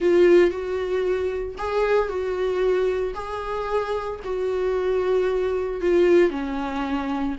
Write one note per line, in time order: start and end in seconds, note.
0.00 0.50 F4
0.50 1.55 F#4
1.57 2.08 G#4
2.08 3.13 F#4
3.14 4.19 G#4
4.24 5.81 F#4
5.81 6.30 F4
6.30 7.35 C#4